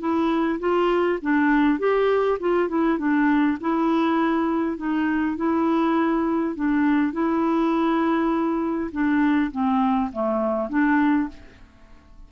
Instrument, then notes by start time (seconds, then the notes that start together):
clarinet
0.00 E4
0.60 F4
1.22 D4
1.79 G4
2.40 F4
2.69 E4
2.98 D4
3.61 E4
4.77 D#4
5.37 E4
6.56 D4
7.13 E4
8.92 D4
9.52 C4
10.13 A3
10.70 D4